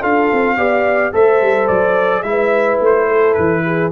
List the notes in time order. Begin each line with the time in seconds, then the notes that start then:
0.00 D4 F4 A4 F5
0.32 C4
0.56 B3 G4 D5
1.12 A3 A4 C5 E5
1.41 G3
1.67 F#3 D5
2.22 G#3 E4 E5
2.29 B4
2.80 A3 C5
3.06 A4
3.33 E3 B4
3.64 G#4